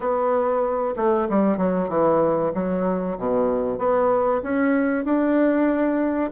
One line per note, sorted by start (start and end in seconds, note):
0.00 0.94 B3
0.96 1.28 A3
1.29 1.57 G3
1.57 1.88 F#3
1.88 2.51 E3
2.54 3.17 F#3
3.18 3.78 B2
3.78 4.41 B3
4.42 5.04 C#4
5.04 6.30 D4